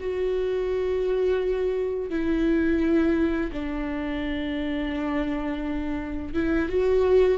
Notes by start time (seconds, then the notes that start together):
0.00 F#4
2.10 E4
3.53 D4
6.34 E4
6.69 F#4